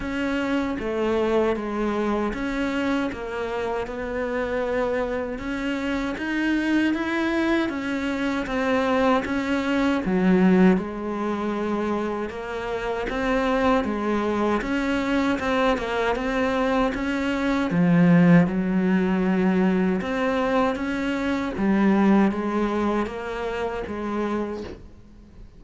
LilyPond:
\new Staff \with { instrumentName = "cello" } { \time 4/4 \tempo 4 = 78 cis'4 a4 gis4 cis'4 | ais4 b2 cis'4 | dis'4 e'4 cis'4 c'4 | cis'4 fis4 gis2 |
ais4 c'4 gis4 cis'4 | c'8 ais8 c'4 cis'4 f4 | fis2 c'4 cis'4 | g4 gis4 ais4 gis4 | }